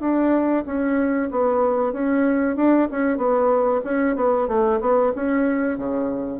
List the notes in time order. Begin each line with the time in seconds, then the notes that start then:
0.00 D4
0.66 C#4
1.31 B3
1.92 C#4
2.56 D4
2.91 C#4
3.17 B3
3.84 C#4
4.15 B3
4.48 A3
4.80 B3
5.15 C#4
5.77 C#3